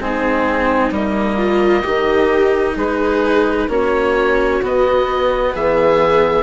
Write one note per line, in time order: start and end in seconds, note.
0.00 0.90 G#3
0.00 0.91 C4
0.00 1.37 D#4
0.00 0.93 G#4
0.90 1.82 G3
0.90 1.83 A#3
0.90 2.77 D#5
1.37 1.82 F4
1.82 2.75 D#3
1.82 3.68 D#4
1.82 2.74 G4
2.75 3.68 G#3
2.75 3.67 G#4
2.75 3.70 B4
3.68 4.61 A#3
3.68 4.61 C#4
3.68 5.53 F#4
3.68 4.63 C#5
4.62 6.43 B3
4.62 5.54 B3
4.62 5.55 D#5
5.53 6.43 E3
5.53 6.43 G#4
5.53 6.43 E5